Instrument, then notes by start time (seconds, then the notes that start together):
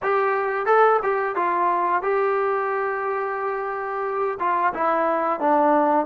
trombone
0.02 G4
0.66 A4
1.03 G4
1.35 F4
2.02 G4
4.39 F4
4.73 E4
5.40 D4